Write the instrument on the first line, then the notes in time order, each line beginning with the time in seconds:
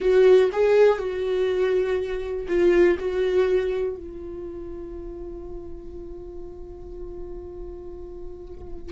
viola
0.00 F#4
0.52 G#4
0.98 F#4
2.47 F4
2.99 F#4
3.96 F4